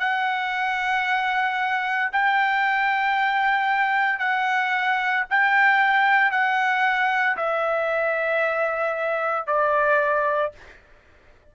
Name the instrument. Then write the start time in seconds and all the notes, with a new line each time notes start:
trumpet
0.00 F#5
2.12 G5
4.19 F#5
5.30 G5
6.32 F#5
7.37 E5
9.47 D5